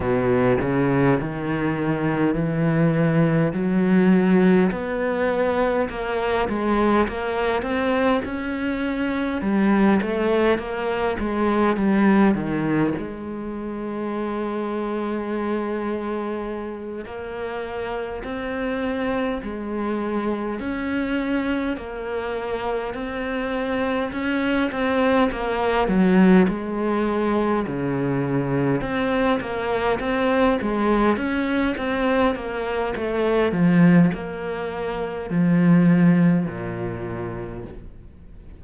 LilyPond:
\new Staff \with { instrumentName = "cello" } { \time 4/4 \tempo 4 = 51 b,8 cis8 dis4 e4 fis4 | b4 ais8 gis8 ais8 c'8 cis'4 | g8 a8 ais8 gis8 g8 dis8 gis4~ | gis2~ gis8 ais4 c'8~ |
c'8 gis4 cis'4 ais4 c'8~ | c'8 cis'8 c'8 ais8 fis8 gis4 cis8~ | cis8 c'8 ais8 c'8 gis8 cis'8 c'8 ais8 | a8 f8 ais4 f4 ais,4 | }